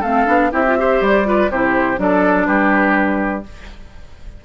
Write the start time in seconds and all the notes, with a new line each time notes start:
0.00 A3 C4 A4 F5
0.26 B3 D4
0.52 C4 E4 G4 E5
0.67 F4
0.78 G4 C5
1.01 G3 D5
1.25 F4 B4
1.50 C3 E4 G4 C5
1.97 F#3 D4 A4 D5
2.46 G3 G4 B4